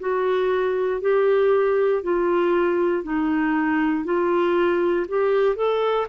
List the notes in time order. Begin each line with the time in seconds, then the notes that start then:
0.00 F#4
1.02 G4
2.03 F4
3.04 D#4
4.05 F4
5.09 G4
5.56 A4